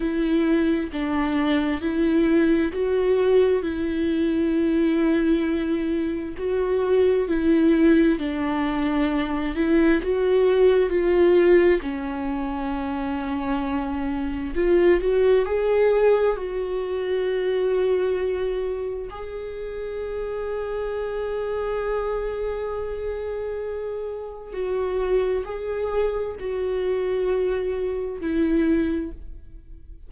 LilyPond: \new Staff \with { instrumentName = "viola" } { \time 4/4 \tempo 4 = 66 e'4 d'4 e'4 fis'4 | e'2. fis'4 | e'4 d'4. e'8 fis'4 | f'4 cis'2. |
f'8 fis'8 gis'4 fis'2~ | fis'4 gis'2.~ | gis'2. fis'4 | gis'4 fis'2 e'4 | }